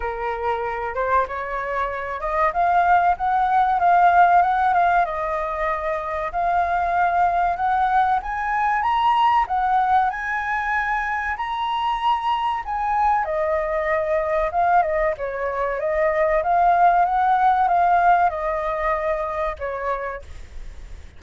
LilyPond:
\new Staff \with { instrumentName = "flute" } { \time 4/4 \tempo 4 = 95 ais'4. c''8 cis''4. dis''8 | f''4 fis''4 f''4 fis''8 f''8 | dis''2 f''2 | fis''4 gis''4 ais''4 fis''4 |
gis''2 ais''2 | gis''4 dis''2 f''8 dis''8 | cis''4 dis''4 f''4 fis''4 | f''4 dis''2 cis''4 | }